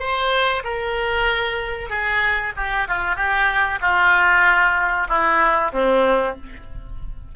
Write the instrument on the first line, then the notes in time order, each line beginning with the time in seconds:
oboe
0.00 C5
0.65 A#4
1.90 G#4
2.57 G4
2.88 F4
3.16 G4
3.82 F4
5.09 E4
5.73 C4